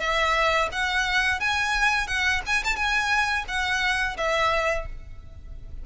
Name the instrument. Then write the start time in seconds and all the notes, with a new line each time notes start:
violin
0.00 E5
0.72 F#5
1.40 G#5
2.07 F#5
2.46 G#5
2.64 A5
2.76 G#5
3.48 F#5
4.17 E5